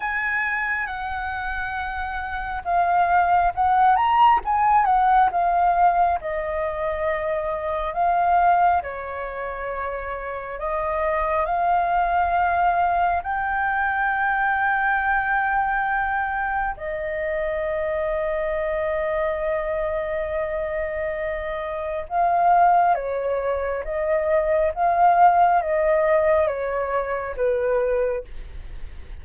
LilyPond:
\new Staff \with { instrumentName = "flute" } { \time 4/4 \tempo 4 = 68 gis''4 fis''2 f''4 | fis''8 ais''8 gis''8 fis''8 f''4 dis''4~ | dis''4 f''4 cis''2 | dis''4 f''2 g''4~ |
g''2. dis''4~ | dis''1~ | dis''4 f''4 cis''4 dis''4 | f''4 dis''4 cis''4 b'4 | }